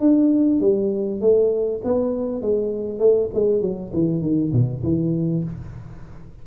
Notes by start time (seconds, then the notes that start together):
0.00 D4
0.61 G3
1.21 A3
1.84 B3
2.42 G#3
2.99 A3
3.34 G#3
3.61 F#3
3.93 E3
4.22 D#3
4.52 B2
4.83 E3